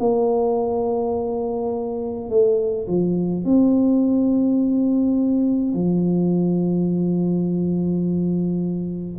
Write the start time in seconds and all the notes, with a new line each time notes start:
0.00 A#3
2.30 A3
2.88 F3
3.45 C4
5.74 F3